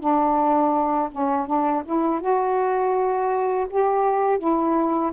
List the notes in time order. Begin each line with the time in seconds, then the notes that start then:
0.00 D4
1.12 C#4
1.47 D4
1.85 E4
2.21 F#4
3.70 G4
4.39 E4